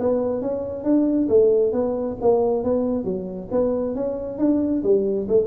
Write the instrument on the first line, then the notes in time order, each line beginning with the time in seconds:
tuba
0.00 B3
0.42 C#4
0.84 D4
1.29 A3
1.73 B3
2.21 A#3
2.64 B3
3.04 F#3
3.52 B3
3.95 C#4
4.39 D4
4.83 G3
5.29 A3